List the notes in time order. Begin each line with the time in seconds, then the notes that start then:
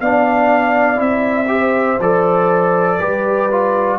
0.00 B3 D4 D5 F5
0.95 C4 E4 E5
1.47 G4 C5
1.99 F3 A4 D5
2.99 G3 G4 B4
3.51 F4